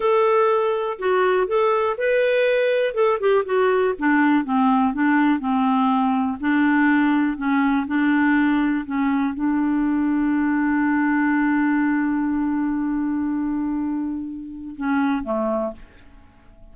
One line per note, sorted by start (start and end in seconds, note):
0.00 0.98 A4
0.98 1.47 F#4
1.47 1.96 A4
1.97 2.94 B4
2.94 3.19 A4
3.19 3.44 G4
3.45 3.94 F#4
3.98 4.44 D4
4.44 4.93 C4
4.93 5.39 D4
5.39 6.38 C4
6.40 7.37 D4
7.37 7.86 C#4
7.86 8.85 D4
8.86 9.34 C#4
9.34 14.75 D4
14.76 15.23 C#4
15.23 15.72 A3